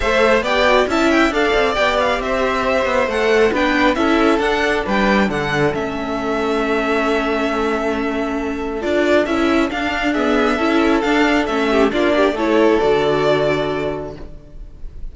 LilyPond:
<<
  \new Staff \with { instrumentName = "violin" } { \time 4/4 \tempo 4 = 136 e''4 g''4 a''8 g''8 f''4 | g''8 f''8 e''2 fis''4 | g''4 e''4 fis''4 g''4 | fis''4 e''2.~ |
e''1 | d''4 e''4 f''4 e''4~ | e''4 f''4 e''4 d''4 | cis''4 d''2. | }
  \new Staff \with { instrumentName = "violin" } { \time 4/4 c''4 d''4 e''4 d''4~ | d''4 c''2. | b'4 a'2 b'4 | a'1~ |
a'1~ | a'2. gis'4 | a'2~ a'8 g'8 f'8 g'8 | a'1 | }
  \new Staff \with { instrumentName = "viola" } { \time 4/4 a'4 g'8 fis'8 e'4 a'4 | g'2. a'4 | d'4 e'4 d'2~ | d'4 cis'2.~ |
cis'1 | f'4 e'4 d'4 b4 | e'4 d'4 cis'4 d'4 | e'4 fis'2. | }
  \new Staff \with { instrumentName = "cello" } { \time 4/4 a4 b4 cis'4 d'8 c'8 | b4 c'4. b8 a4 | b4 cis'4 d'4 g4 | d4 a2.~ |
a1 | d'4 cis'4 d'2 | cis'4 d'4 a4 ais4 | a4 d2. | }
>>